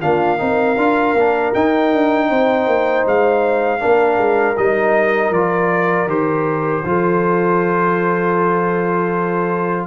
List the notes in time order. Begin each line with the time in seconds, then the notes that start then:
0.00 A#3 D4 F4 F5
0.37 C4 D#4 A#4
0.77 D4 F4
1.13 A#3 D4
1.54 D#4 G5
1.93 D4
2.29 C4 C5
2.67 A#3
3.06 G#3 F5
3.79 A#3 D4 A#4
4.18 G#3
4.57 G3 D#4 D#5
5.30 F3 F4 D5
6.06 D#3 G4 C5
6.85 F3 F4 A4